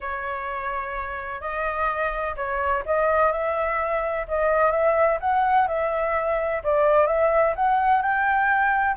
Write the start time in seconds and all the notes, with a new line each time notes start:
0.00 C#5
1.40 D#5
2.36 C#5
2.85 D#5
3.32 E5
4.28 D#5
4.71 E5
5.20 F#5
5.67 E5
6.63 D5
7.07 E5
7.55 F#5
8.02 G5